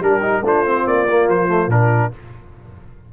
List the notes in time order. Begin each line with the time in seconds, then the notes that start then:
0.00 G3 D4 G4 A#4
0.22 D#4
0.41 A3 D4 F4 C5
0.66 C4
0.87 A#3 D5
1.08 A#3
1.28 F3 C5
1.48 A3
1.67 A#2 D4 A#4